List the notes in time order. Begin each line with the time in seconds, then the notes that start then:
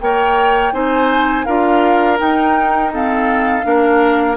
0.00 A#3 A#4 C#5 G5
0.73 C4 D#4 C5 G#5
1.44 D4 F4 A#4 F5
2.17 D#4 G5
2.91 C4 A4 F5
3.62 A#3 D4 A#4